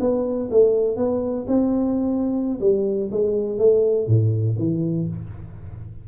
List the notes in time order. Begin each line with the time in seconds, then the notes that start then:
0.00 B3
0.51 A3
0.96 B3
1.47 C4
2.60 G3
3.11 G#3
3.58 A3
4.07 A2
4.58 E3